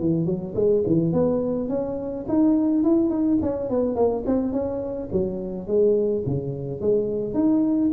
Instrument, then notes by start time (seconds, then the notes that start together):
tuba
0.00 E3
0.25 F#3
0.55 G#3
0.86 E3
1.12 B3
1.69 C#4
2.28 D#4
2.84 E4
3.10 D#4
3.42 C#4
3.70 B3
3.95 A#3
4.26 C4
4.52 C#4
5.12 F#3
5.67 G#3
6.26 C#3
6.81 G#3
7.34 D#4